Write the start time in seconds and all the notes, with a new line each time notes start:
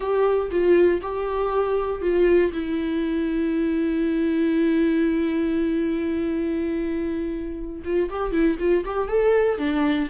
0.00 G4
0.50 F4
1.01 G4
2.01 F4
2.53 E4
7.84 F4
8.10 G4
8.31 E4
8.59 F4
8.84 G4
9.08 A4
9.58 D4